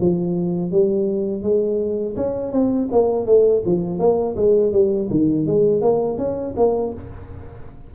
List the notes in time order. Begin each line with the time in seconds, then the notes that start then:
0.00 F3
0.71 G3
1.42 G#3
2.16 C#4
2.52 C4
2.92 A#3
3.26 A3
3.66 F3
3.99 A#3
4.36 G#3
4.72 G3
5.10 D#3
5.46 G#3
5.81 A#3
6.18 C#4
6.57 A#3